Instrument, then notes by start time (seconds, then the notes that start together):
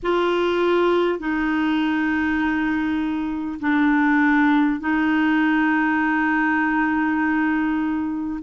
clarinet
0.02 F4
1.19 D#4
3.59 D4
4.79 D#4